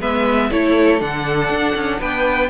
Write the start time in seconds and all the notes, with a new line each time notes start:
0.00 G#3 B3 B4 E5
0.51 A3 E4 A4 C#5
0.99 D3 D4 F#5
1.49 D4
1.75 C#4
1.99 B3 B4 G5